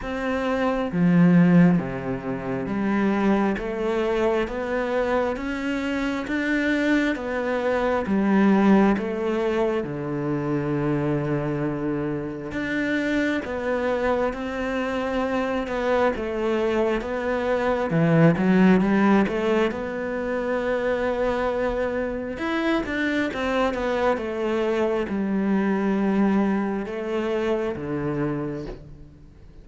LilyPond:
\new Staff \with { instrumentName = "cello" } { \time 4/4 \tempo 4 = 67 c'4 f4 c4 g4 | a4 b4 cis'4 d'4 | b4 g4 a4 d4~ | d2 d'4 b4 |
c'4. b8 a4 b4 | e8 fis8 g8 a8 b2~ | b4 e'8 d'8 c'8 b8 a4 | g2 a4 d4 | }